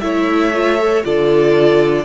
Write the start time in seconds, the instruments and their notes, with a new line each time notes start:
0.00 cello A3, viola E4, violin C#5 E5
0.54 viola F4
0.79 viola A4
1.03 cello D3, viola F4, violin A4 D5